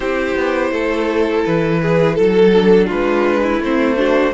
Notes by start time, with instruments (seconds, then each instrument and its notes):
0.00 cello C4, viola E4, violin G4 C5
0.35 cello B3
0.71 cello A3, violin A4
1.44 cello E3, violin B4
1.82 violin G#4
2.15 cello F#3, violin A4
2.54 viola D4
2.86 cello G#3, violin F4 B4
3.42 violin E4
3.59 cello A3, viola C4, violin C5
3.97 viola D4, violin F#4